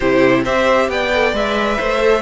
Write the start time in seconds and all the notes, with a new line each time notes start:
0.00 C3 E4 G4 C5
0.44 C4 G4 C5 E5
0.89 B3 D5 G5
1.13 A4
1.33 G#3 B4 E5
1.77 A3 C5
2.00 A4